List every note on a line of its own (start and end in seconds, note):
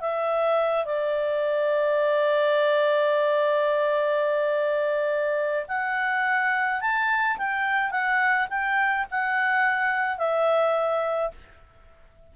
0.00 0.85 E5
0.85 5.66 D5
5.68 6.80 F#5
6.80 7.37 A5
7.37 7.91 G5
7.91 8.47 F#5
8.49 9.06 G5
9.11 10.17 F#5
10.17 11.31 E5